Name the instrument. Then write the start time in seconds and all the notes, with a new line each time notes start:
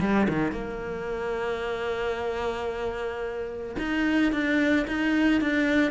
cello
0.00 G3
0.28 D#3
0.52 A#3
3.78 D#4
4.32 D4
4.87 D#4
5.41 D4